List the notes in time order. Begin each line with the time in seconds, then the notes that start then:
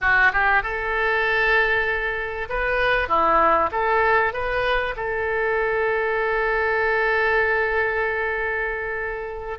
0.01 F#4
0.33 G4
0.62 A4
2.49 B4
3.08 E4
3.71 A4
4.33 B4
4.96 A4